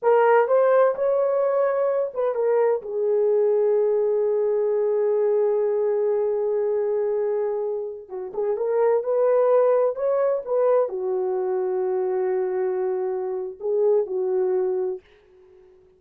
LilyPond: \new Staff \with { instrumentName = "horn" } { \time 4/4 \tempo 4 = 128 ais'4 c''4 cis''2~ | cis''8 b'8 ais'4 gis'2~ | gis'1~ | gis'1~ |
gis'4~ gis'16 fis'8 gis'8 ais'4 b'8.~ | b'4~ b'16 cis''4 b'4 fis'8.~ | fis'1~ | fis'4 gis'4 fis'2 | }